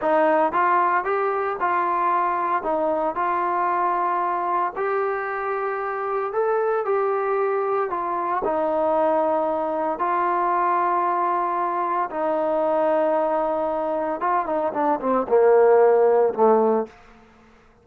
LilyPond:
\new Staff \with { instrumentName = "trombone" } { \time 4/4 \tempo 4 = 114 dis'4 f'4 g'4 f'4~ | f'4 dis'4 f'2~ | f'4 g'2. | a'4 g'2 f'4 |
dis'2. f'4~ | f'2. dis'4~ | dis'2. f'8 dis'8 | d'8 c'8 ais2 a4 | }